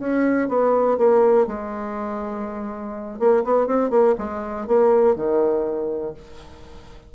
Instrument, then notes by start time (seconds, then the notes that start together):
bassoon
0.00 C#4
0.49 B3
0.98 A#3
1.47 G#3
3.19 A#3
3.44 B3
3.67 C4
3.91 A#3
4.18 G#3
4.68 A#3
5.16 D#3